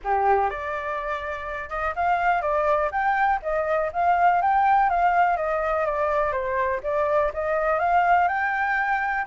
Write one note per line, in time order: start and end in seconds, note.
0.04 0.50 G4
0.50 1.69 D5
1.69 1.94 D#5
1.95 2.41 F5
2.41 2.90 D5
2.91 3.39 G5
3.42 3.91 D#5
3.92 4.41 F5
4.41 4.89 G5
4.89 5.37 F5
5.37 5.85 D#5
5.85 6.31 D5
6.31 6.80 C5
6.83 7.32 D5
7.33 7.79 D#5
7.79 8.28 F5
8.28 9.25 G5